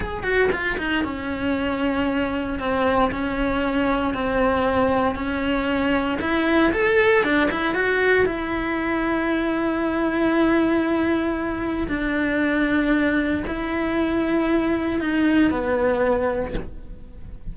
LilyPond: \new Staff \with { instrumentName = "cello" } { \time 4/4 \tempo 4 = 116 gis'8 fis'8 f'8 dis'8 cis'2~ | cis'4 c'4 cis'2 | c'2 cis'2 | e'4 a'4 d'8 e'8 fis'4 |
e'1~ | e'2. d'4~ | d'2 e'2~ | e'4 dis'4 b2 | }